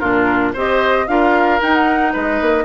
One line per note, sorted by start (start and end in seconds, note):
0.00 0.55 A#2
0.00 0.55 D4
0.00 0.53 F4
0.00 0.53 A#4
0.54 1.08 C4
0.54 1.08 G4
0.54 1.06 C5
0.54 1.08 D#5
1.08 1.61 D4
1.08 1.61 F4
1.08 2.13 A#4
1.08 1.61 F5
1.61 2.65 D#4
1.61 2.15 D#4
1.61 1.74 G5
1.74 2.13 F#5
2.13 2.41 G#3
2.13 2.65 B4
2.13 2.65 D#5
2.41 2.65 A#3